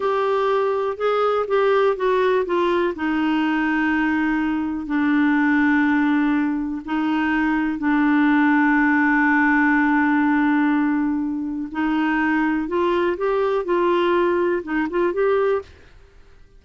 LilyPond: \new Staff \with { instrumentName = "clarinet" } { \time 4/4 \tempo 4 = 123 g'2 gis'4 g'4 | fis'4 f'4 dis'2~ | dis'2 d'2~ | d'2 dis'2 |
d'1~ | d'1 | dis'2 f'4 g'4 | f'2 dis'8 f'8 g'4 | }